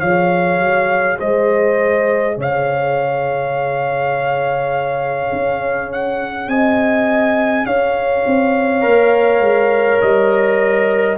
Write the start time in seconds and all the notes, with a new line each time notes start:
0.00 F3 G#4 C#5 F5
0.59 F#3
1.18 G#3 C5 D#5
2.37 C#3 C#5 F5
5.32 C#4
5.92 F#5
6.47 C4 D#5 G#5
7.66 C#4 C#5 F5
8.26 C4
8.81 A#3 A#4
9.40 G#3
10.01 G3 D#5